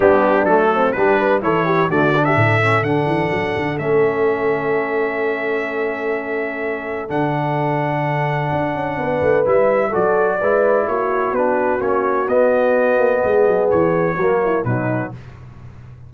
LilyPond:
<<
  \new Staff \with { instrumentName = "trumpet" } { \time 4/4 \tempo 4 = 127 g'4 a'4 b'4 cis''4 | d''8. e''4~ e''16 fis''2 | e''1~ | e''2. fis''4~ |
fis''1 | e''4 d''2 cis''4 | b'4 cis''4 dis''2~ | dis''4 cis''2 b'4 | }
  \new Staff \with { instrumentName = "horn" } { \time 4/4 d'4. c'8 g'8 b'8 a'8 g'8 | fis'8. g'16 a'2.~ | a'1~ | a'1~ |
a'2. b'4~ | b'4 a'4 b'4 fis'4~ | fis'1 | gis'2 fis'8 e'8 dis'4 | }
  \new Staff \with { instrumentName = "trombone" } { \time 4/4 b4 a4 d'4 e'4 | a8 d'4 cis'8 d'2 | cis'1~ | cis'2. d'4~ |
d'1 | e'4 fis'4 e'2 | d'4 cis'4 b2~ | b2 ais4 fis4 | }
  \new Staff \with { instrumentName = "tuba" } { \time 4/4 g4 fis4 g4 e4 | d4 a,4 d8 e8 fis8 d8 | a1~ | a2. d4~ |
d2 d'8 cis'8 b8 a8 | g4 fis4 gis4 ais4 | b4 ais4 b4. ais8 | gis8 fis8 e4 fis4 b,4 | }
>>